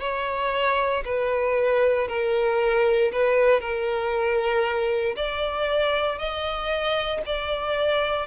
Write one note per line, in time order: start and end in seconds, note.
0.00 1.03 C#5
1.05 2.08 B4
2.08 3.12 A#4
3.12 3.61 B4
3.61 5.16 A#4
5.16 6.18 D5
6.18 7.22 D#5
7.26 8.27 D5